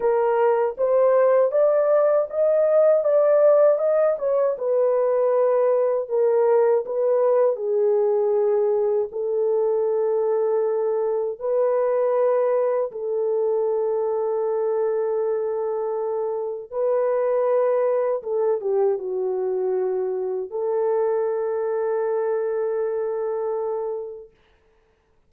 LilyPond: \new Staff \with { instrumentName = "horn" } { \time 4/4 \tempo 4 = 79 ais'4 c''4 d''4 dis''4 | d''4 dis''8 cis''8 b'2 | ais'4 b'4 gis'2 | a'2. b'4~ |
b'4 a'2.~ | a'2 b'2 | a'8 g'8 fis'2 a'4~ | a'1 | }